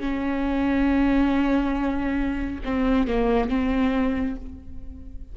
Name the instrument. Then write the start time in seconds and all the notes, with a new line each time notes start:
viola
0.00 C#4
2.64 C4
3.08 A#3
3.49 C4